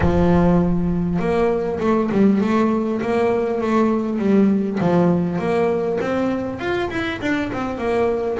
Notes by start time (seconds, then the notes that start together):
0.00 F3
1.19 A#3
1.79 A3
2.11 G3
2.41 A3
3.01 A#3
3.61 A3
4.18 G3
4.80 F3
5.38 A#3
6.01 C4
6.59 F4
6.90 E4
7.21 D4
7.52 C4
7.78 A#3